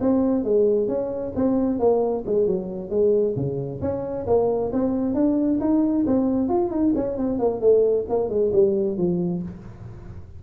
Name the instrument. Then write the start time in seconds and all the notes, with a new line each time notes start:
tuba
0.00 C4
0.44 G#3
0.88 C#4
1.35 C4
1.79 A#3
2.26 G#3
2.46 F#3
2.90 G#3
3.36 C#3
3.81 C#4
4.26 A#3
4.72 C4
5.14 D4
5.60 D#4
6.06 C4
6.49 F4
6.70 D#4
6.95 C#4
7.17 C4
7.38 A#3
7.60 A3
8.09 A#3
8.29 G#3
8.53 G3
8.97 F3